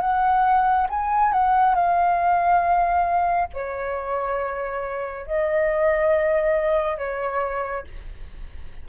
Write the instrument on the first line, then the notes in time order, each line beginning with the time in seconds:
flute
0.00 F#5
0.89 G#5
1.32 F#5
1.74 F5
3.53 C#5
5.26 D#5
6.97 C#5